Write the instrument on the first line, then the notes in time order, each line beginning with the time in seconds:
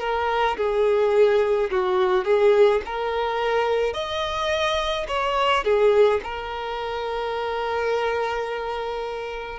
violin
0.00 A#4
0.57 G#4
1.71 F#4
2.25 G#4
2.86 A#4
3.93 D#5
5.08 C#5
5.64 G#4
6.23 A#4